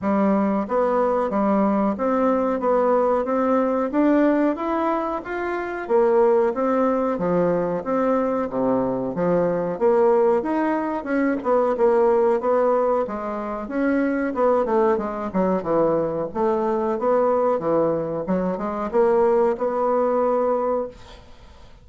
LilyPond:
\new Staff \with { instrumentName = "bassoon" } { \time 4/4 \tempo 4 = 92 g4 b4 g4 c'4 | b4 c'4 d'4 e'4 | f'4 ais4 c'4 f4 | c'4 c4 f4 ais4 |
dis'4 cis'8 b8 ais4 b4 | gis4 cis'4 b8 a8 gis8 fis8 | e4 a4 b4 e4 | fis8 gis8 ais4 b2 | }